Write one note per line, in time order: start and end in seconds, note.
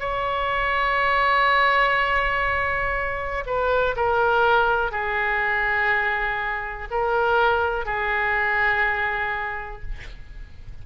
0.00 3.44 C#5
3.46 3.95 B4
3.96 4.91 A#4
4.91 6.88 G#4
6.91 7.86 A#4
7.86 9.82 G#4